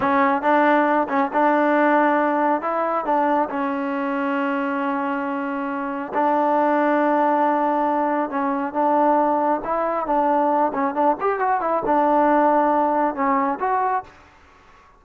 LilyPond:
\new Staff \with { instrumentName = "trombone" } { \time 4/4 \tempo 4 = 137 cis'4 d'4. cis'8 d'4~ | d'2 e'4 d'4 | cis'1~ | cis'2 d'2~ |
d'2. cis'4 | d'2 e'4 d'4~ | d'8 cis'8 d'8 g'8 fis'8 e'8 d'4~ | d'2 cis'4 fis'4 | }